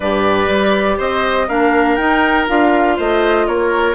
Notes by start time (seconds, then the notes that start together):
0.00 G2 G4 B4 D5
0.48 G3
0.97 C4 C5 D#5
1.48 A#3 D4 A#4 F5
1.96 D#4 G5
2.48 D4 F4 F5
2.96 A3 C5 D#5
3.47 A#3 A#4 C#5